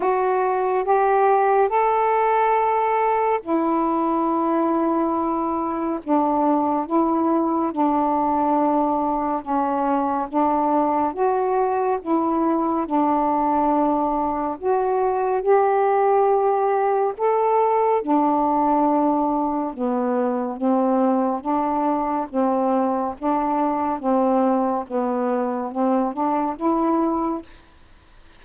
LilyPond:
\new Staff \with { instrumentName = "saxophone" } { \time 4/4 \tempo 4 = 70 fis'4 g'4 a'2 | e'2. d'4 | e'4 d'2 cis'4 | d'4 fis'4 e'4 d'4~ |
d'4 fis'4 g'2 | a'4 d'2 b4 | c'4 d'4 c'4 d'4 | c'4 b4 c'8 d'8 e'4 | }